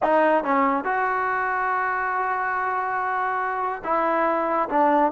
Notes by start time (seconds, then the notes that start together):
0.03 D#4
0.44 C#4
0.84 F#4
3.83 E4
4.69 D4